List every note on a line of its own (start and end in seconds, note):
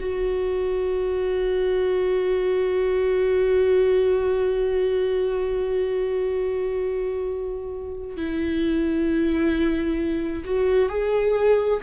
0.00 8.17 F#4
8.17 10.44 E4
10.45 10.89 F#4
10.89 11.80 G#4